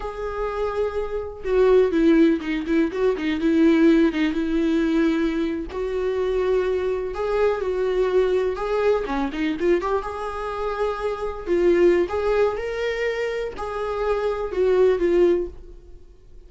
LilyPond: \new Staff \with { instrumentName = "viola" } { \time 4/4 \tempo 4 = 124 gis'2. fis'4 | e'4 dis'8 e'8 fis'8 dis'8 e'4~ | e'8 dis'8 e'2~ e'8. fis'16~ | fis'2~ fis'8. gis'4 fis'16~ |
fis'4.~ fis'16 gis'4 cis'8 dis'8 f'16~ | f'16 g'8 gis'2. f'16~ | f'4 gis'4 ais'2 | gis'2 fis'4 f'4 | }